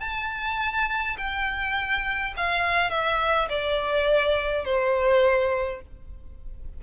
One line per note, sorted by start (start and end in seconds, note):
0.00 1.17 A5
1.18 2.34 G5
2.37 2.90 F5
2.90 3.48 E5
3.49 4.65 D5
4.65 5.81 C5